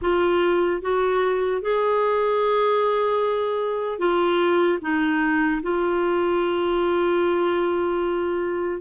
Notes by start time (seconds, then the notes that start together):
0.01 F4
0.81 F#4
1.61 G#4
3.99 F4
4.81 D#4
5.62 F4